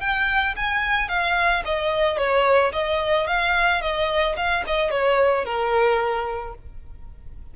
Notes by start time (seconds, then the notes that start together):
0.00 G5
0.56 G#5
1.09 F5
1.65 D#5
2.18 C#5
2.73 D#5
3.27 F5
3.81 D#5
4.37 F5
4.66 D#5
4.90 C#5
5.45 A#4